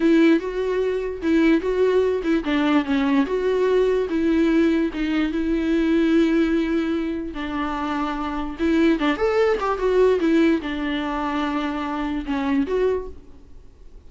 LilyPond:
\new Staff \with { instrumentName = "viola" } { \time 4/4 \tempo 4 = 147 e'4 fis'2 e'4 | fis'4. e'8 d'4 cis'4 | fis'2 e'2 | dis'4 e'2.~ |
e'2 d'2~ | d'4 e'4 d'8 a'4 g'8 | fis'4 e'4 d'2~ | d'2 cis'4 fis'4 | }